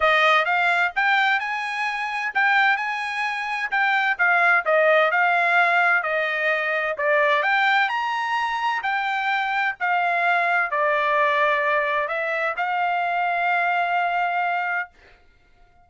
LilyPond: \new Staff \with { instrumentName = "trumpet" } { \time 4/4 \tempo 4 = 129 dis''4 f''4 g''4 gis''4~ | gis''4 g''4 gis''2 | g''4 f''4 dis''4 f''4~ | f''4 dis''2 d''4 |
g''4 ais''2 g''4~ | g''4 f''2 d''4~ | d''2 e''4 f''4~ | f''1 | }